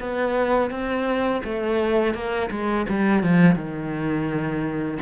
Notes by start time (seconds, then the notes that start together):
0.00 B3
0.71 C4
1.45 A3
2.15 A#3
2.51 G#3
2.90 G3
3.23 F3
3.56 D#3